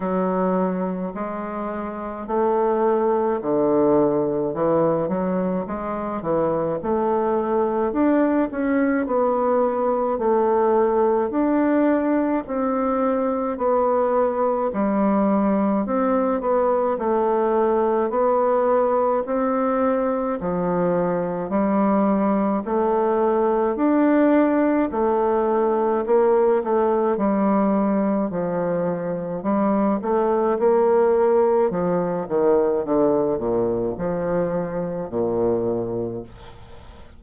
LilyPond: \new Staff \with { instrumentName = "bassoon" } { \time 4/4 \tempo 4 = 53 fis4 gis4 a4 d4 | e8 fis8 gis8 e8 a4 d'8 cis'8 | b4 a4 d'4 c'4 | b4 g4 c'8 b8 a4 |
b4 c'4 f4 g4 | a4 d'4 a4 ais8 a8 | g4 f4 g8 a8 ais4 | f8 dis8 d8 ais,8 f4 ais,4 | }